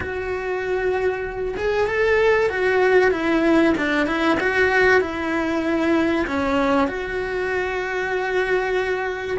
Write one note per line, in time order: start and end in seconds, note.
0.00 1.55 F#4
1.57 1.87 G#4
1.87 2.49 A4
2.49 3.11 F#4
3.11 3.73 E4
3.77 4.07 D4
4.07 4.38 E4
4.39 5.01 F#4
5.01 6.26 E4
6.27 6.88 C#4
6.88 9.38 F#4